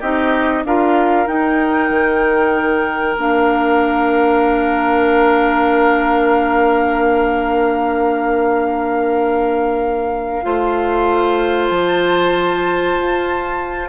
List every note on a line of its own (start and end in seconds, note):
0.00 0.64 C4
0.00 0.65 D#4
0.00 0.63 G4
0.00 0.64 D#5
0.64 1.27 D4
0.64 1.26 F4
0.64 10.45 A#4
0.64 1.27 F5
1.26 3.16 D#4
1.26 1.89 D#4
1.26 3.17 G5
1.89 3.16 D#3
3.16 10.43 A#3
3.16 10.42 D4
3.16 11.68 F5
10.42 11.70 A3
10.42 13.89 F4
10.42 13.89 C5
11.68 12.97 F3
11.68 13.89 A5
12.98 13.89 F4